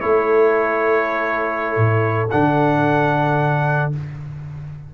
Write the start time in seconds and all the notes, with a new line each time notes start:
0.00 A3 E4 A4 C#5
1.76 A2
2.30 D3 D4 F#5